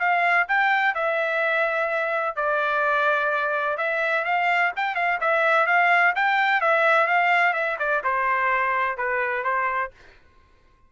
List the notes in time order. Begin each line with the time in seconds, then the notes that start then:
0.00 F5
0.49 G5
0.95 E5
2.36 D5
3.78 E5
4.25 F5
4.77 G5
4.96 F5
5.21 E5
5.67 F5
6.16 G5
6.61 E5
7.07 F5
7.54 E5
7.79 D5
8.04 C5
8.98 B4
9.44 C5